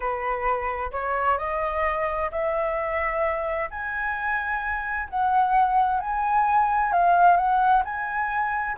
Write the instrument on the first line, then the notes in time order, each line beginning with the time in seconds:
flute
0.00 B4
0.91 C#5
1.38 D#5
2.31 E5
3.70 G#5
5.09 F#5
6.00 G#5
6.92 F5
7.36 F#5
7.84 G#5